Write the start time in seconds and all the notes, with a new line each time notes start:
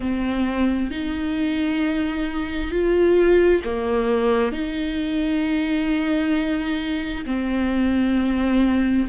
0.00 C4
0.90 D#4
2.71 F4
3.64 A#3
4.52 D#4
7.25 C4